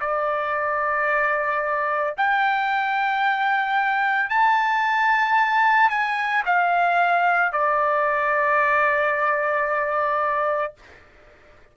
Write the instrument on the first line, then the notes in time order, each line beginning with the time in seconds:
trumpet
0.00 D5
2.17 G5
4.30 A5
5.89 G#5
6.45 F5
7.52 D5